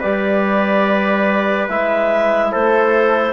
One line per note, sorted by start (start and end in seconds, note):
0.00 1.69 G3
0.00 1.69 G4
0.00 2.50 B4
0.00 1.68 D5
1.69 2.53 G#3
1.69 3.34 E4
1.69 2.53 E5
2.52 3.34 A3
2.52 3.34 A4
2.52 3.34 C5